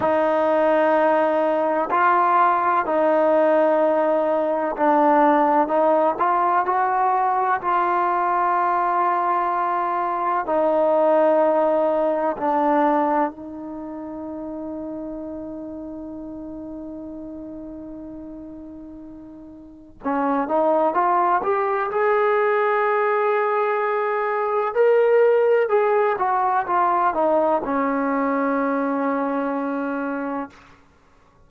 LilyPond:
\new Staff \with { instrumentName = "trombone" } { \time 4/4 \tempo 4 = 63 dis'2 f'4 dis'4~ | dis'4 d'4 dis'8 f'8 fis'4 | f'2. dis'4~ | dis'4 d'4 dis'2~ |
dis'1~ | dis'4 cis'8 dis'8 f'8 g'8 gis'4~ | gis'2 ais'4 gis'8 fis'8 | f'8 dis'8 cis'2. | }